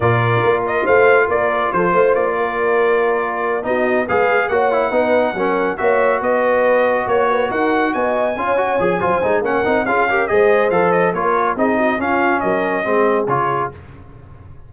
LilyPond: <<
  \new Staff \with { instrumentName = "trumpet" } { \time 4/4 \tempo 4 = 140 d''4. dis''8 f''4 d''4 | c''4 d''2.~ | d''8 dis''4 f''4 fis''4.~ | fis''4. e''4 dis''4.~ |
dis''8 cis''4 fis''4 gis''4.~ | gis''2 fis''4 f''4 | dis''4 f''8 dis''8 cis''4 dis''4 | f''4 dis''2 cis''4 | }
  \new Staff \with { instrumentName = "horn" } { \time 4/4 ais'2 c''4 ais'4 | a'8 c''4 ais'2~ ais'8~ | ais'8 fis'4 b'4 cis''4 b'8~ | b'8 ais'4 cis''4 b'4.~ |
b'8 cis''8 b'8 ais'4 dis''4 cis''8~ | cis''4 c''4 ais'4 gis'8 ais'8 | c''2 ais'4 gis'8 fis'8 | f'4 ais'4 gis'2 | }
  \new Staff \with { instrumentName = "trombone" } { \time 4/4 f'1~ | f'1~ | f'8 dis'4 gis'4 fis'8 e'8 dis'8~ | dis'8 cis'4 fis'2~ fis'8~ |
fis'2.~ fis'8 f'8 | fis'8 gis'8 f'8 dis'8 cis'8 dis'8 f'8 g'8 | gis'4 a'4 f'4 dis'4 | cis'2 c'4 f'4 | }
  \new Staff \with { instrumentName = "tuba" } { \time 4/4 ais,4 ais4 a4 ais4 | f8 a8 ais2.~ | ais8 b4 gis4 ais4 b8~ | b8 fis4 ais4 b4.~ |
b8 ais4 dis'4 b4 cis'8~ | cis'8 f8 fis8 gis8 ais8 c'8 cis'4 | gis4 f4 ais4 c'4 | cis'4 fis4 gis4 cis4 | }
>>